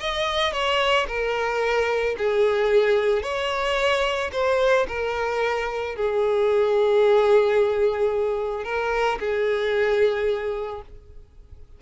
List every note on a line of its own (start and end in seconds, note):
0.00 0.53 D#5
0.53 1.07 C#5
1.08 2.16 A#4
2.18 3.23 G#4
3.23 4.31 C#5
4.33 4.87 C5
4.88 5.96 A#4
5.96 8.65 G#4
8.65 9.19 A#4
9.20 10.82 G#4